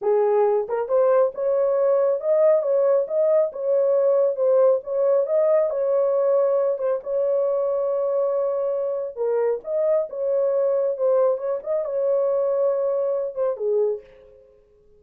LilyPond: \new Staff \with { instrumentName = "horn" } { \time 4/4 \tempo 4 = 137 gis'4. ais'8 c''4 cis''4~ | cis''4 dis''4 cis''4 dis''4 | cis''2 c''4 cis''4 | dis''4 cis''2~ cis''8 c''8 |
cis''1~ | cis''4 ais'4 dis''4 cis''4~ | cis''4 c''4 cis''8 dis''8 cis''4~ | cis''2~ cis''8 c''8 gis'4 | }